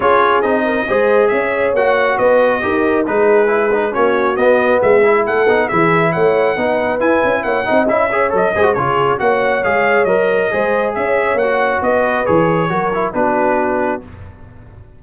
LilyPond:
<<
  \new Staff \with { instrumentName = "trumpet" } { \time 4/4 \tempo 4 = 137 cis''4 dis''2 e''4 | fis''4 dis''2 b'4~ | b'4 cis''4 dis''4 e''4 | fis''4 e''4 fis''2 |
gis''4 fis''4 e''4 dis''4 | cis''4 fis''4 f''4 dis''4~ | dis''4 e''4 fis''4 dis''4 | cis''2 b'2 | }
  \new Staff \with { instrumentName = "horn" } { \time 4/4 gis'4. ais'8 c''4 cis''4~ | cis''4 b'4 ais'4 gis'4~ | gis'4 fis'2 gis'4 | a'4 gis'4 cis''4 b'4~ |
b'4 cis''8 dis''4 cis''4 c''8 | gis'4 cis''2. | c''4 cis''2 b'4~ | b'4 ais'4 fis'2 | }
  \new Staff \with { instrumentName = "trombone" } { \time 4/4 f'4 dis'4 gis'2 | fis'2 g'4 dis'4 | e'8 dis'8 cis'4 b4. e'8~ | e'8 dis'8 e'2 dis'4 |
e'4. dis'8 e'8 gis'8 a'8 gis'16 fis'16 | f'4 fis'4 gis'4 ais'4 | gis'2 fis'2 | gis'4 fis'8 e'8 d'2 | }
  \new Staff \with { instrumentName = "tuba" } { \time 4/4 cis'4 c'4 gis4 cis'4 | ais4 b4 dis'4 gis4~ | gis4 ais4 b4 gis4 | a8 b8 e4 a4 b4 |
e'8 cis'8 ais8 c'8 cis'4 fis8 gis8 | cis4 ais4 gis4 fis4 | gis4 cis'4 ais4 b4 | e4 fis4 b2 | }
>>